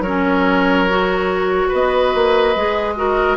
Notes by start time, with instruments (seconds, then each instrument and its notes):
0.00 bassoon F#3, oboe A#4, flute C#5
0.06 clarinet C#4
0.89 clarinet F#4
1.68 bassoon B3, oboe B4, flute D#5
2.14 bassoon A#3
2.55 bassoon G#3, clarinet G#4
2.96 clarinet F#4, oboe A#4